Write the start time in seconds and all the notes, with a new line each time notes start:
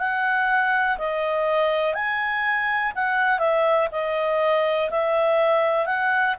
0.00 F#5
0.99 D#5
1.94 G#5
2.96 F#5
3.39 E5
3.92 D#5
4.91 E5
5.87 F#5